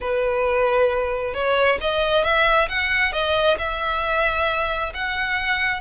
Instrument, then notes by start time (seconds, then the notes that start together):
violin
0.00 B4
1.34 C#5
1.80 D#5
2.23 E5
2.68 F#5
3.12 D#5
3.58 E5
4.94 F#5